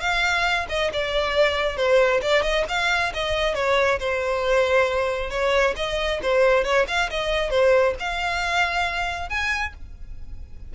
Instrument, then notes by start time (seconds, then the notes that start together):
violin
0.00 F5
0.69 D#5
0.93 D5
1.76 C5
2.22 D5
2.42 D#5
2.68 F5
3.14 D#5
3.55 C#5
3.99 C5
5.30 C#5
5.76 D#5
6.22 C5
6.64 C#5
6.87 F5
7.10 D#5
7.50 C5
7.99 F5
9.29 G#5